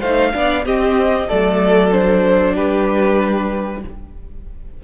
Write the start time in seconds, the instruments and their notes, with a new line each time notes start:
0.00 cello A3, viola D#4, violin C5 F5
0.32 cello B3, viola D4, violin D5
0.65 viola C4, cello C4, violin G4 D#5
1.27 cello F#3, viola A3, violin A4 D5
1.91 viola D4, violin C5
2.54 cello G3, violin G4 B4